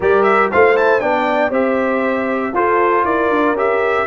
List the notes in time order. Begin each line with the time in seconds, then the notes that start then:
0.00 G3 G4 A#4 D5
0.23 E5
0.50 A3 F4 C5 F5
0.76 E4 A5
1.00 B3 D4 D5 G5
1.50 C4 G4 C5 E5
2.53 F4 A4 C5
3.04 E4 A#4 D5
3.29 D4
3.52 C#4 G4 E5